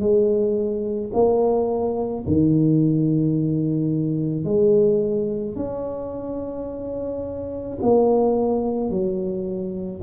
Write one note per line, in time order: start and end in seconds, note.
0.00 1.11 G#3
1.14 2.25 A#3
2.27 4.45 D#3
4.45 5.56 G#3
5.56 7.78 C#4
7.82 8.90 A#3
8.90 10.02 F#3